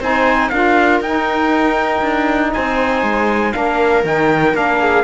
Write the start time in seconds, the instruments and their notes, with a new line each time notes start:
0.00 cello C4, saxophone D#4, viola C5, trumpet G#5
0.49 cello D4, saxophone F4, viola A#4, trumpet F5
1.01 cello D#4, saxophone D#4, trumpet G5
2.02 cello D4
2.53 cello C4, viola C5, trumpet G#5
3.03 cello G#3
3.53 cello A#3, saxophone D4, viola A#4, trumpet F5
4.05 cello D#3, saxophone D#4, trumpet G5
4.54 cello A#3, saxophone D4, trumpet F5
4.80 viola G#4